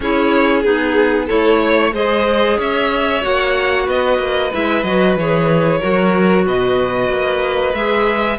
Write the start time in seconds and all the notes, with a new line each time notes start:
0.00 C#4 E4 G#4 C#5
0.62 B3 D#4 G#4
1.26 A3 E4 A4 C#5
1.62 C#5
1.93 G#3 G#4 C5 D#5
2.58 C#4 C#5 E5
3.21 A#3 F#4 F#5
3.85 B3 B4 D#5
4.18 A#3
4.51 G#3 E4 E5
4.83 F#3 F#4 D#5
5.16 E3 G#4 C#5
5.80 F#3 F#4 A#4
6.45 B2 B4 D#5
7.09 A#3
7.73 G#3 G#4 E5